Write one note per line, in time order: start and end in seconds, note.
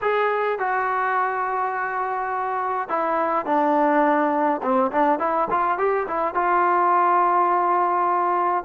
0.01 0.58 G#4
0.58 2.88 F#4
2.88 3.45 E4
3.45 4.61 D4
4.62 4.91 C4
4.91 5.19 D4
5.19 5.48 E4
5.50 5.77 F4
5.77 6.06 G4
6.07 6.34 E4
6.34 8.64 F4